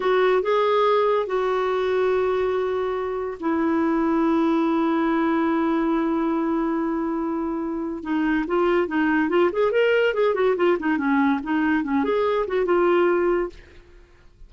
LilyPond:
\new Staff \with { instrumentName = "clarinet" } { \time 4/4 \tempo 4 = 142 fis'4 gis'2 fis'4~ | fis'1 | e'1~ | e'1~ |
e'2. dis'4 | f'4 dis'4 f'8 gis'8 ais'4 | gis'8 fis'8 f'8 dis'8 cis'4 dis'4 | cis'8 gis'4 fis'8 f'2 | }